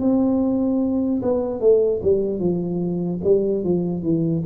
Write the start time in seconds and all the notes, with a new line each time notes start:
0.00 C4
1.23 B3
1.61 A3
2.03 G3
2.40 F3
3.24 G3
3.64 F3
4.03 E3